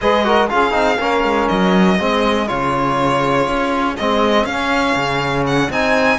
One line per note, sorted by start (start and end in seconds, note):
0.01 0.51 G#3
0.01 0.23 G#4
0.01 0.25 B4
0.01 0.49 D#5
0.23 0.48 F#4
0.23 0.50 A#4
0.49 0.73 C#4
0.49 0.71 F4
0.49 1.00 G#4
0.49 1.48 F5
0.71 0.98 C4
0.71 0.96 D#4
0.99 1.23 A#3
0.99 1.99 C#4
0.99 1.98 A#4
1.23 1.48 G#3
1.48 1.99 F#3
1.48 2.47 D#5
1.98 2.49 G#3
1.98 2.47 C4
1.98 6.18 G#4
2.47 3.47 C#3
2.47 3.96 F4
2.47 3.96 C#5
3.47 3.97 C#4
3.96 4.44 G#3
3.96 4.49 C4
3.96 4.45 D#5
4.44 4.93 C#4
4.44 5.71 C#4
4.44 5.44 F5
4.95 5.69 C#3
5.46 5.71 F#5
5.70 6.18 C4
5.70 6.18 D#4
5.70 6.18 G#5